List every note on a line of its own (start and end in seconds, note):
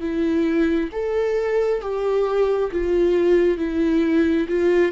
0.00 0.90 E4
0.92 1.81 A4
1.81 2.71 G4
2.72 3.57 F4
3.57 4.47 E4
4.48 4.92 F4